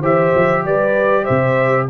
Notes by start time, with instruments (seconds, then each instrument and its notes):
0.00 tuba E3, trombone G4, horn C5, trumpet E5
0.35 tuba F3
0.64 tuba G3, horn B4, trumpet D5
1.23 horn C5, trumpet E5
1.29 tuba C3